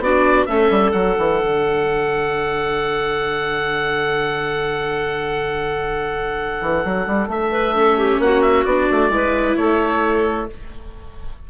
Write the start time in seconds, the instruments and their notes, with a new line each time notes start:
0.00 bassoon B3, viola D4, clarinet F#4, oboe D5
0.46 bassoon A3, viola C#4, clarinet A4, oboe E5
0.70 bassoon G3
0.92 bassoon F#3, viola D4, oboe F#5
1.18 bassoon E3
1.41 bassoon D3
6.62 bassoon E3
6.85 bassoon F#3
7.07 bassoon G3
7.28 bassoon A3, oboe E5
7.52 clarinet B4
7.76 viola C#4, clarinet A4
7.98 clarinet G4
8.20 bassoon A#3, clarinet F#4, oboe F#5
8.42 oboe E5
8.65 bassoon B3, viola D4, oboe D5
8.91 bassoon A3
9.10 bassoon G#3, viola E4, clarinet B4
9.56 bassoon A3, clarinet A4, oboe C#5